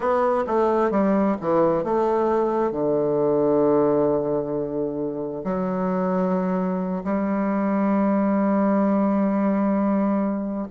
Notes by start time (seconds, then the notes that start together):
0.00 B3
0.47 A3
0.90 G3
1.40 E3
1.83 A3
2.71 D3
5.43 F#3
7.04 G3